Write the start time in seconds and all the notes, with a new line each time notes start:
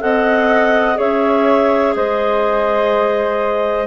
0.00 C4 A4 D#5 F#5
0.95 C#4 G#4 C#5 E5
1.95 G#3 C5 D#5